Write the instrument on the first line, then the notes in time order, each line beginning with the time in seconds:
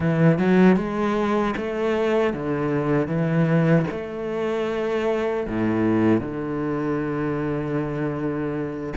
cello
0.00 E3
0.38 F#3
0.76 G#3
1.56 A3
2.33 D3
3.07 E3
3.91 A3
5.47 A2
6.21 D3